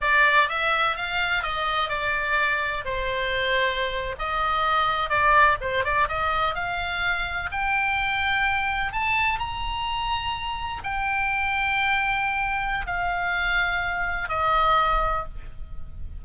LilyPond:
\new Staff \with { instrumentName = "oboe" } { \time 4/4 \tempo 4 = 126 d''4 e''4 f''4 dis''4 | d''2 c''2~ | c''8. dis''2 d''4 c''16~ | c''16 d''8 dis''4 f''2 g''16~ |
g''2~ g''8. a''4 ais''16~ | ais''2~ ais''8. g''4~ g''16~ | g''2. f''4~ | f''2 dis''2 | }